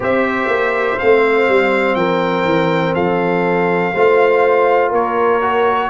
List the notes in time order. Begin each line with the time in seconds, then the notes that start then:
0.00 C4 G4 C5 E5
0.47 A#3
0.99 A3 C4 F5
1.48 G3
1.95 F3 A#4 G5
2.44 E3
2.94 F3 A4 F5
3.93 A3 F4 C5
4.89 A#3 A#4 C#5
5.41 F#4